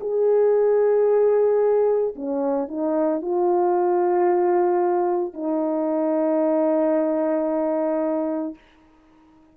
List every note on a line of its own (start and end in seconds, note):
0.00 2.14 G#4
2.15 2.68 C#4
2.68 3.21 D#4
3.21 5.33 F4
5.33 8.55 D#4